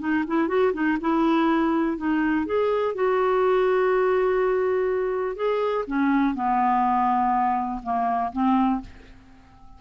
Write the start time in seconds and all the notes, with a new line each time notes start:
0.00 D#4
0.27 E4
0.48 F#4
0.74 D#4
1.01 E4
1.98 D#4
2.46 G#4
2.95 F#4
5.36 G#4
5.88 C#4
6.35 B3
7.84 A#3
8.32 C4